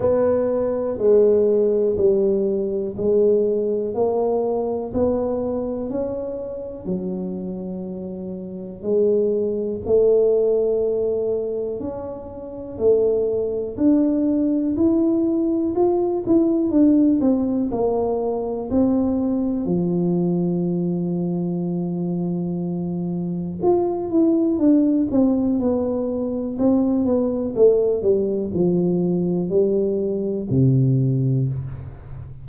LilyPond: \new Staff \with { instrumentName = "tuba" } { \time 4/4 \tempo 4 = 61 b4 gis4 g4 gis4 | ais4 b4 cis'4 fis4~ | fis4 gis4 a2 | cis'4 a4 d'4 e'4 |
f'8 e'8 d'8 c'8 ais4 c'4 | f1 | f'8 e'8 d'8 c'8 b4 c'8 b8 | a8 g8 f4 g4 c4 | }